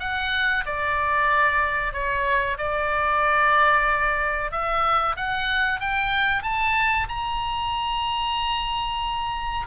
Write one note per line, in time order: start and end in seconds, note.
0.00 0.65 F#5
0.66 1.93 D5
1.93 2.58 C#5
2.58 4.52 D5
4.52 5.16 E5
5.16 5.81 F#5
5.81 6.43 G5
6.43 7.08 A5
7.09 9.67 A#5